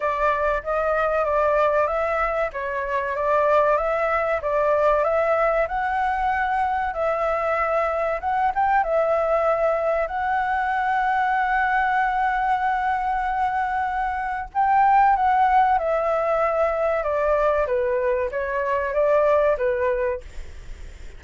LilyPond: \new Staff \with { instrumentName = "flute" } { \time 4/4 \tempo 4 = 95 d''4 dis''4 d''4 e''4 | cis''4 d''4 e''4 d''4 | e''4 fis''2 e''4~ | e''4 fis''8 g''8 e''2 |
fis''1~ | fis''2. g''4 | fis''4 e''2 d''4 | b'4 cis''4 d''4 b'4 | }